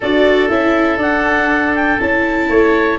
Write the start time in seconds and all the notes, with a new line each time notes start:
0.00 D4 F#4 A4 D5
0.49 C#4 E4 E5
0.97 D4 F#5
1.75 G5
1.99 C#4 E4 A5
2.49 A3 C#5